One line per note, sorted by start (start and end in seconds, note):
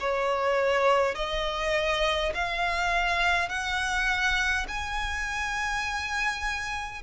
0.00 1.15 C#5
1.15 2.33 D#5
2.34 3.49 F5
3.49 4.66 F#5
4.68 7.02 G#5